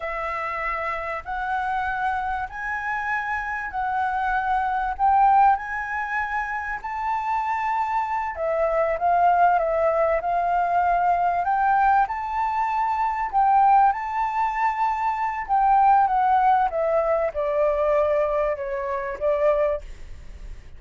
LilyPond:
\new Staff \with { instrumentName = "flute" } { \time 4/4 \tempo 4 = 97 e''2 fis''2 | gis''2 fis''2 | g''4 gis''2 a''4~ | a''4. e''4 f''4 e''8~ |
e''8 f''2 g''4 a''8~ | a''4. g''4 a''4.~ | a''4 g''4 fis''4 e''4 | d''2 cis''4 d''4 | }